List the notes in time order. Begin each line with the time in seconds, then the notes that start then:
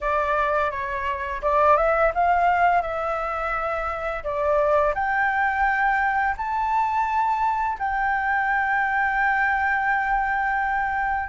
0.00 D5
0.70 C#5
1.42 D5
1.76 E5
2.14 F5
2.82 E5
4.23 D5
4.94 G5
6.37 A5
7.78 G5